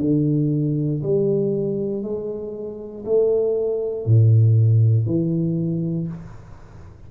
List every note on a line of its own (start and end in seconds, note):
0.00 1.02 D3
1.02 2.02 G3
2.02 3.04 G#3
3.05 4.05 A3
4.05 5.06 A2
5.06 6.07 E3